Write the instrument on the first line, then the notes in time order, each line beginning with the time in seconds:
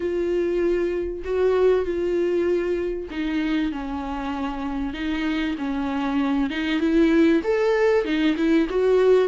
viola
0.00 F4
1.24 F#4
1.85 F4
3.10 D#4
3.71 C#4
4.93 D#4
5.58 C#4
6.49 D#4
6.80 E4
7.43 A4
8.04 D#4
8.36 E4
8.69 F#4